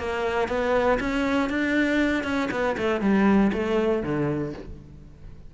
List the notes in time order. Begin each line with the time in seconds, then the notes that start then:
0.00 A#3
0.49 B3
1.00 C#4
1.50 D4
2.24 C#4
2.51 B3
2.78 A3
3.01 G3
3.53 A3
4.03 D3